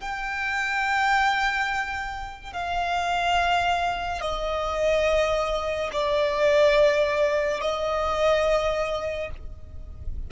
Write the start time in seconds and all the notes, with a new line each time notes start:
0.00 G5
2.52 F5
4.21 D#5
5.92 D5
7.61 D#5